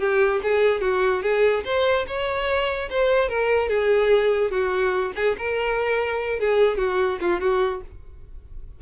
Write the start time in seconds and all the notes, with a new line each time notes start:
0.00 G4
0.43 G#4
0.82 F#4
1.23 G#4
1.66 C5
2.08 C#5
2.90 C5
3.29 A#4
3.69 G#4
4.51 F#4
5.16 G#4
5.38 A#4
6.40 G#4
6.78 F#4
7.21 F4
7.41 F#4